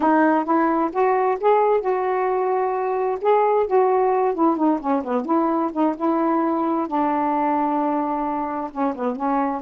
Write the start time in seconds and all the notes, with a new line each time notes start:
0.00 D#4
0.44 E4
0.92 F#4
1.40 G#4
1.80 F#4
3.21 G#4
3.66 F#4
4.34 E4
4.56 D#4
4.80 C#4
5.04 B3
5.25 E4
5.72 D#4
5.96 E4
6.87 D4
8.71 C#4
8.95 B3
9.16 C#4